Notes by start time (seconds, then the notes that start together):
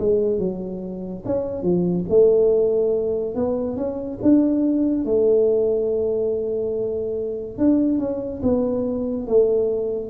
0.00 G#3
0.39 F#3
1.26 C#4
1.63 F3
2.09 A3
3.35 B3
3.77 C#4
4.23 D4
5.05 A3
7.58 D4
7.99 C#4
8.43 B3
9.27 A3